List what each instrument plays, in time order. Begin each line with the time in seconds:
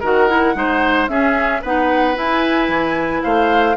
0.00 bassoon D#3, clarinet F#4, oboe A#4, flute F#5
0.28 clarinet E4
0.55 bassoon G#3, clarinet D#4, oboe C5
1.08 bassoon C#4, clarinet C#4, oboe G#4, flute E5
1.62 bassoon B3, clarinet D#4, oboe B4, flute F#5
2.15 clarinet E4, bassoon E4, flute G#5
2.68 bassoon E3
3.23 bassoon A3, oboe C5, flute F5